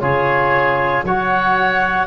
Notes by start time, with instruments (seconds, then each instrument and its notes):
0.00 tuba C#3, trombone F4, oboe G#4, clarinet C#5
1.03 tuba F#3, trombone F#4, oboe C#5, clarinet F#5